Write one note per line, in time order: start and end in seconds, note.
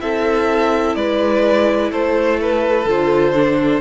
0.00 0.96 C4
0.00 2.86 E4
0.00 0.97 A4
0.00 0.95 E5
0.95 1.91 G#3
0.95 1.92 B4
0.95 1.91 D5
1.91 2.86 A3
1.91 3.81 A4
1.91 2.40 C5
2.41 2.89 B4
2.86 3.81 D3
2.86 3.35 F4
2.86 3.81 C5
3.35 3.81 D4